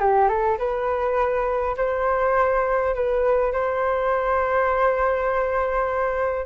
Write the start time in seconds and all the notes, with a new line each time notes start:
0.00 G4
0.29 A4
0.59 B4
1.77 C5
2.95 B4
3.53 C5